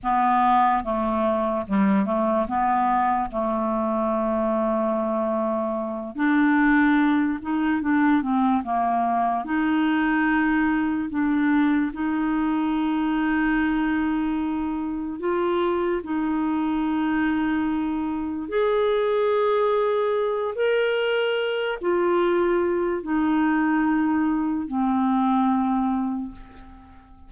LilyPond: \new Staff \with { instrumentName = "clarinet" } { \time 4/4 \tempo 4 = 73 b4 a4 g8 a8 b4 | a2.~ a8 d'8~ | d'4 dis'8 d'8 c'8 ais4 dis'8~ | dis'4. d'4 dis'4.~ |
dis'2~ dis'8 f'4 dis'8~ | dis'2~ dis'8 gis'4.~ | gis'4 ais'4. f'4. | dis'2 c'2 | }